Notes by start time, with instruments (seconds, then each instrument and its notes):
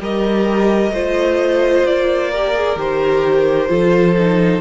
0.00 cello G3, viola G4, violin A#4 D#5
0.92 cello A3, viola F4, violin C5
1.85 cello A#3, violin D5
2.32 viola G4, violin A#4
2.55 viola G#4
2.76 cello D#3, viola G4, violin C5
3.69 cello F3, viola F4, violin A4
4.18 viola D#4